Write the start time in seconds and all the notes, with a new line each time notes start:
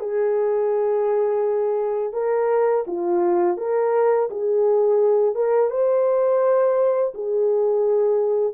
0.00 G#4
2.13 A#4
2.87 F4
3.57 A#4
4.30 G#4
5.35 A#4
5.70 C5
7.14 G#4